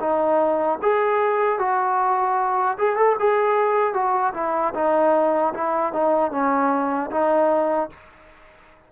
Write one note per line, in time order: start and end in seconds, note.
0.00 0.79 D#4
0.83 1.59 G#4
1.59 2.77 F#4
2.78 2.96 G#4
2.96 3.16 A4
3.19 3.94 G#4
3.94 4.33 F#4
4.34 4.74 E4
4.75 5.54 D#4
5.54 5.93 E4
5.93 6.32 D#4
6.32 7.11 C#4
7.11 7.90 D#4